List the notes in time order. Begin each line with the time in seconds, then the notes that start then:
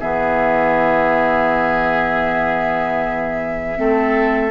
0.00 E3 B3 G#4 E5
3.76 A3 C4 A4